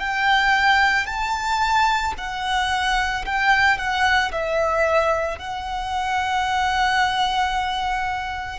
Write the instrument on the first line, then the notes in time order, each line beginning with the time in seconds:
violin
0.00 G5
1.06 A5
2.18 F#5
3.25 G5
3.78 F#5
4.32 E5
5.39 F#5